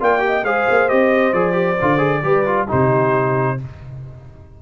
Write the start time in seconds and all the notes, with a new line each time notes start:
0.00 A#3 F4 D5 G5
0.19 G4
0.26 D#5
0.43 G#3 G#4 C5 F5
0.69 A#3
0.88 C4 G4 D#5
1.33 F3 G#4 D5
1.53 G4
1.81 D3 F4
1.97 G#4
2.23 G3 G4 B4
2.46 F4
2.67 C3 D#4 G4 C5